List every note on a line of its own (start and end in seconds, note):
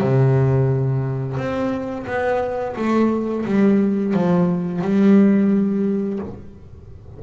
0.00 1.37 C3
1.37 2.06 C4
2.07 2.76 B3
2.76 3.45 A3
3.45 4.14 G3
4.14 4.82 F3
4.82 6.20 G3